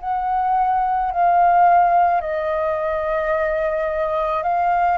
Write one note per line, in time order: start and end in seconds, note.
0.00 1.11 F#5
1.11 2.21 F5
2.21 4.43 D#5
4.43 4.97 F5